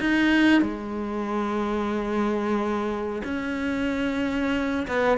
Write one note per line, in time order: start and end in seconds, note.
0.00 0.62 D#4
0.62 3.23 G#3
3.24 4.87 C#4
4.88 5.18 B3